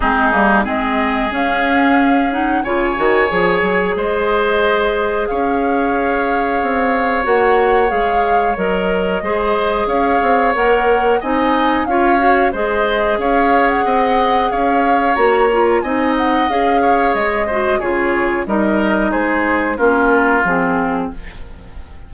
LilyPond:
<<
  \new Staff \with { instrumentName = "flute" } { \time 4/4 \tempo 4 = 91 gis'4 dis''4 f''4. fis''8 | gis''2 dis''2 | f''2. fis''4 | f''4 dis''2 f''4 |
fis''4 gis''4 f''4 dis''4 | f''8. fis''4~ fis''16 f''4 ais''4 | gis''8 fis''8 f''4 dis''4 cis''4 | dis''4 c''4 ais'4 gis'4 | }
  \new Staff \with { instrumentName = "oboe" } { \time 4/4 dis'4 gis'2. | cis''2 c''2 | cis''1~ | cis''2 c''4 cis''4~ |
cis''4 dis''4 cis''4 c''4 | cis''4 dis''4 cis''2 | dis''4. cis''4 c''8 gis'4 | ais'4 gis'4 f'2 | }
  \new Staff \with { instrumentName = "clarinet" } { \time 4/4 c'8 ais8 c'4 cis'4. dis'8 | f'8 fis'8 gis'2.~ | gis'2. fis'4 | gis'4 ais'4 gis'2 |
ais'4 dis'4 f'8 fis'8 gis'4~ | gis'2. fis'8 f'8 | dis'4 gis'4. fis'8 f'4 | dis'2 cis'4 c'4 | }
  \new Staff \with { instrumentName = "bassoon" } { \time 4/4 gis8 g8 gis4 cis'2 | cis8 dis8 f8 fis8 gis2 | cis'2 c'4 ais4 | gis4 fis4 gis4 cis'8 c'8 |
ais4 c'4 cis'4 gis4 | cis'4 c'4 cis'4 ais4 | c'4 cis'4 gis4 cis4 | g4 gis4 ais4 f4 | }
>>